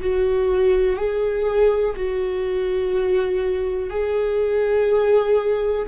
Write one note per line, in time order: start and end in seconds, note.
0.00 0.96 F#4
0.96 1.94 G#4
1.96 3.90 F#4
3.90 5.87 G#4